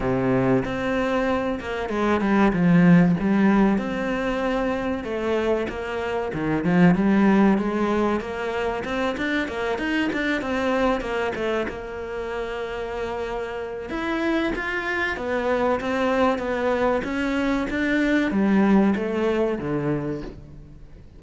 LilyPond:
\new Staff \with { instrumentName = "cello" } { \time 4/4 \tempo 4 = 95 c4 c'4. ais8 gis8 g8 | f4 g4 c'2 | a4 ais4 dis8 f8 g4 | gis4 ais4 c'8 d'8 ais8 dis'8 |
d'8 c'4 ais8 a8 ais4.~ | ais2 e'4 f'4 | b4 c'4 b4 cis'4 | d'4 g4 a4 d4 | }